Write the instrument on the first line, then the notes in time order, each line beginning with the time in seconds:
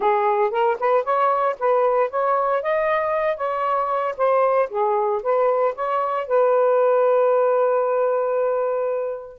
saxophone
0.00 G#4
0.51 A#4
0.79 B4
1.03 C#5
1.59 B4
2.10 C#5
2.62 D#5
3.36 C#5
4.17 C5
4.69 G#4
5.22 B4
5.75 C#5
6.27 B4